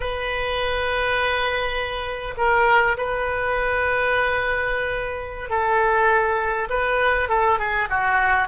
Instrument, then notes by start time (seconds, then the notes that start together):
oboe
0.00 B4
2.37 A#4
2.97 B4
5.49 A4
6.69 B4
7.29 A4
7.59 G#4
7.89 F#4